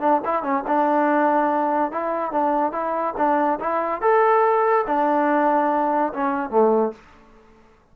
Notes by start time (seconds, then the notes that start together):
0.00 D4
0.25 E4
0.43 C#4
0.67 D4
1.91 E4
2.32 D4
2.72 E4
3.17 D4
3.60 E4
4.01 A4
4.87 D4
6.13 C#4
6.50 A3